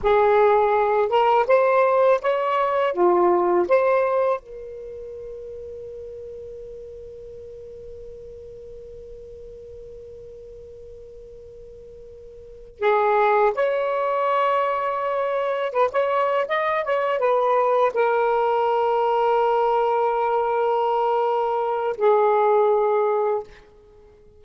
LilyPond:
\new Staff \with { instrumentName = "saxophone" } { \time 4/4 \tempo 4 = 82 gis'4. ais'8 c''4 cis''4 | f'4 c''4 ais'2~ | ais'1~ | ais'1~ |
ais'4. gis'4 cis''4.~ | cis''4. b'16 cis''8. dis''8 cis''8 b'8~ | b'8 ais'2.~ ais'8~ | ais'2 gis'2 | }